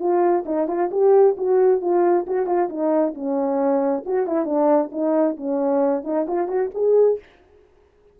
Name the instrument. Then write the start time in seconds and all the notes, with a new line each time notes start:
horn
0.00 F4
0.46 D#4
0.68 F4
0.92 G4
1.38 F#4
1.82 F4
2.27 F#4
2.47 F4
2.70 D#4
3.15 C#4
4.06 F#4
4.27 E4
4.46 D4
4.92 D#4
5.37 C#4
6.04 D#4
6.28 F4
6.48 F#4
6.75 G#4